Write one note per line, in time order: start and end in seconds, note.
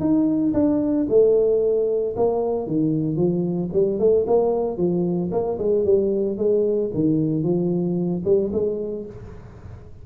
0.00 0.53 D#4
0.54 1.07 D4
1.09 2.16 A3
2.16 2.67 A#3
2.67 3.16 D#3
3.16 3.70 F3
3.73 3.99 G3
3.99 4.26 A3
4.27 4.77 A#3
4.77 5.30 F3
5.32 5.58 A#3
5.58 5.85 G#3
5.85 6.38 G3
6.38 6.91 G#3
6.94 7.43 D#3
7.43 8.23 F3
8.25 8.51 G3
8.53 9.06 G#3